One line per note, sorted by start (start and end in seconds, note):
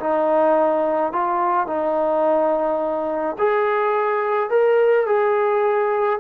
0.00 1.13 D#4
1.13 1.67 F4
1.67 3.37 D#4
3.39 4.50 G#4
4.50 5.07 A#4
5.07 6.20 G#4